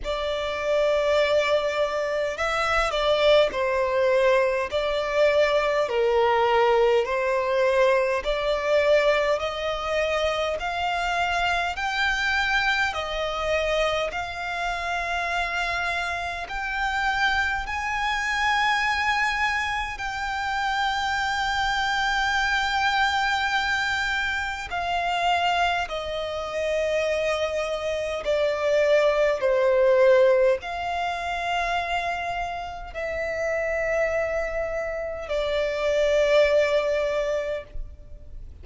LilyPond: \new Staff \with { instrumentName = "violin" } { \time 4/4 \tempo 4 = 51 d''2 e''8 d''8 c''4 | d''4 ais'4 c''4 d''4 | dis''4 f''4 g''4 dis''4 | f''2 g''4 gis''4~ |
gis''4 g''2.~ | g''4 f''4 dis''2 | d''4 c''4 f''2 | e''2 d''2 | }